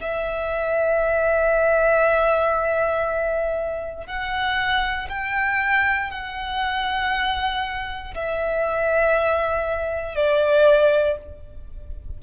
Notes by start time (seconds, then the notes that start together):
0.00 E5
4.06 F#5
5.09 G5
6.10 F#5
8.14 E5
10.15 D5